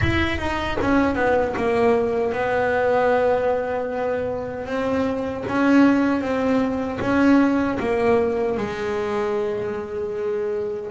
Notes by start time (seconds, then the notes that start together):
0.01 E4
0.38 D#4
0.80 C#4
1.15 B3
1.57 A#3
2.32 B3
4.65 C4
5.48 C#4
6.21 C4
7.00 C#4
7.79 A#3
8.57 G#3